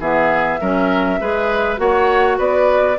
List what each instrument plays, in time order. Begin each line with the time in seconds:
0.00 bassoon E3, clarinet B3, oboe G#4, flute E5
0.61 bassoon F#3, clarinet C#4, oboe A#4
1.20 bassoon G#3, clarinet G#4, oboe B4
1.77 bassoon A#3, clarinet F#4, oboe C#5, flute F#5
2.38 bassoon B3, oboe B4, flute D5